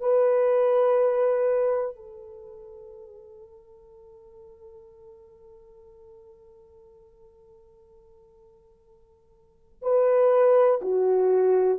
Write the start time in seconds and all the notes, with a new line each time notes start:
0.00 B4
1.95 A4
9.82 B4
10.81 F#4